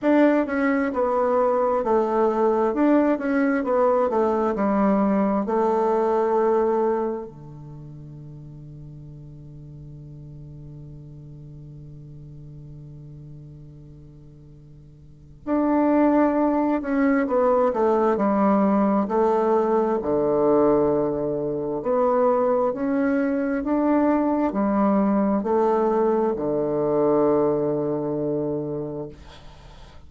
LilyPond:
\new Staff \with { instrumentName = "bassoon" } { \time 4/4 \tempo 4 = 66 d'8 cis'8 b4 a4 d'8 cis'8 | b8 a8 g4 a2 | d1~ | d1~ |
d4 d'4. cis'8 b8 a8 | g4 a4 d2 | b4 cis'4 d'4 g4 | a4 d2. | }